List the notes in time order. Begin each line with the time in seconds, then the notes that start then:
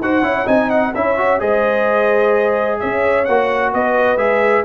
0.00 D#4 F#4 C5 F#5
0.21 C#4 E4 C#5
0.46 C4 D#4 D#5 G#5
0.70 F#5
0.94 C#4 E4 C#5 E5
1.17 F#4
1.39 G#3 G#4 C5 D#5
2.79 C#4 C#5 E5
3.24 A#3 F#4 F#5
3.73 B3 B4 D#5
4.17 G#3 G#4 E5